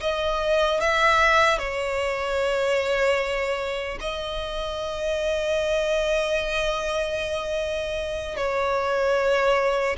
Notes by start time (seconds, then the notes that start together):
0.00 D#5
0.80 E5
1.58 C#5
4.00 D#5
8.36 C#5